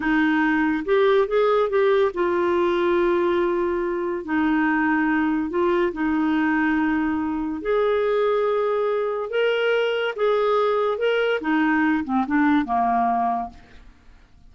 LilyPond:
\new Staff \with { instrumentName = "clarinet" } { \time 4/4 \tempo 4 = 142 dis'2 g'4 gis'4 | g'4 f'2.~ | f'2 dis'2~ | dis'4 f'4 dis'2~ |
dis'2 gis'2~ | gis'2 ais'2 | gis'2 ais'4 dis'4~ | dis'8 c'8 d'4 ais2 | }